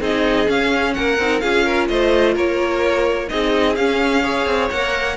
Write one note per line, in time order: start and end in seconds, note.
0.00 0.47 C4
0.00 0.46 D#4
0.00 0.94 G#4
0.00 0.49 D#5
0.46 1.16 C#4
0.46 0.96 C#4
0.46 0.93 F5
0.93 1.18 A#3
0.93 1.42 A#4
0.93 1.39 F#5
1.18 1.42 C4
1.18 1.42 D#4
1.39 1.89 C#4
1.39 3.28 F4
1.39 1.64 G#4
1.39 1.86 F5
1.64 1.88 A#4
1.88 2.35 A3
1.88 2.34 C5
1.88 2.35 D#5
2.34 3.29 A#3
2.34 3.27 A#4
2.34 3.29 C#5
3.28 3.77 C4
3.28 3.74 D#4
3.28 4.23 G#4
3.28 3.75 D#5
3.75 4.46 C#4
3.75 4.23 C#4
3.75 4.69 F5
4.23 4.70 G#4
4.23 5.16 C#5
4.46 4.69 C4
4.70 5.16 A#3
4.70 5.16 A#4
4.70 5.16 F#5